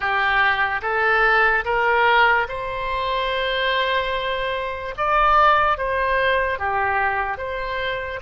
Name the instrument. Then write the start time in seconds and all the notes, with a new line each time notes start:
oboe
0.00 G4
0.82 A4
1.64 A#4
2.48 C5
4.97 D5
5.77 C5
6.58 G4
7.37 C5